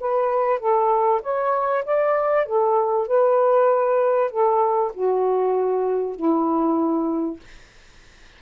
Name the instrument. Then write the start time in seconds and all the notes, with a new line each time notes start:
saxophone
0.00 B4
0.59 A4
1.22 C#5
1.85 D5
2.46 A4
3.07 B4
4.30 A4
4.93 F#4
6.16 E4